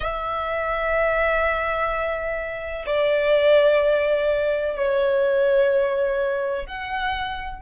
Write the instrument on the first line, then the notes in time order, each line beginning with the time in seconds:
violin
0.00 E5
2.86 D5
4.76 C#5
6.66 F#5